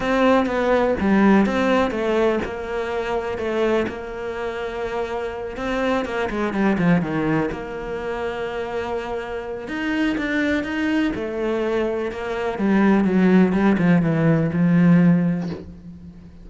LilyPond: \new Staff \with { instrumentName = "cello" } { \time 4/4 \tempo 4 = 124 c'4 b4 g4 c'4 | a4 ais2 a4 | ais2.~ ais8 c'8~ | c'8 ais8 gis8 g8 f8 dis4 ais8~ |
ais1 | dis'4 d'4 dis'4 a4~ | a4 ais4 g4 fis4 | g8 f8 e4 f2 | }